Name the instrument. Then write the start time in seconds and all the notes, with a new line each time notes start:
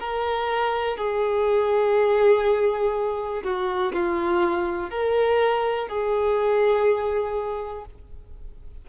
violin
0.00 A#4
0.97 G#4
3.44 F#4
3.93 F4
4.90 A#4
5.89 G#4